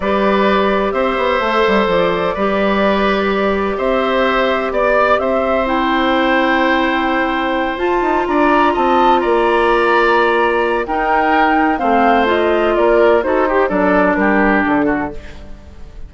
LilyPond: <<
  \new Staff \with { instrumentName = "flute" } { \time 4/4 \tempo 4 = 127 d''2 e''2 | d''1 | e''2 d''4 e''4 | g''1~ |
g''8 a''4 ais''4 a''4 ais''8~ | ais''2. g''4~ | g''4 f''4 dis''4 d''4 | c''4 d''4 ais'4 a'4 | }
  \new Staff \with { instrumentName = "oboe" } { \time 4/4 b'2 c''2~ | c''4 b'2. | c''2 d''4 c''4~ | c''1~ |
c''4. d''4 dis''4 d''8~ | d''2. ais'4~ | ais'4 c''2 ais'4 | a'8 g'8 a'4 g'4. fis'8 | }
  \new Staff \with { instrumentName = "clarinet" } { \time 4/4 g'2. a'4~ | a'4 g'2.~ | g'1 | e'1~ |
e'8 f'2.~ f'8~ | f'2. dis'4~ | dis'4 c'4 f'2 | fis'8 g'8 d'2. | }
  \new Staff \with { instrumentName = "bassoon" } { \time 4/4 g2 c'8 b8 a8 g8 | f4 g2. | c'2 b4 c'4~ | c'1~ |
c'8 f'8 dis'8 d'4 c'4 ais8~ | ais2. dis'4~ | dis'4 a2 ais4 | dis'4 fis4 g4 d4 | }
>>